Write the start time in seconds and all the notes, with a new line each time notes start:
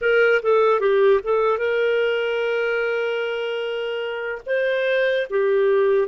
0.01 A#4
0.42 A4
0.80 G4
1.23 A4
1.57 A#4
4.46 C5
5.30 G4